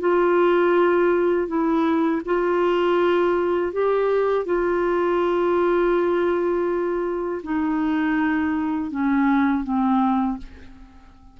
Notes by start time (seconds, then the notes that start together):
0.00 F4
1.48 E4
2.25 F4
3.72 G4
4.45 F4
7.43 D#4
8.91 C#4
9.64 C4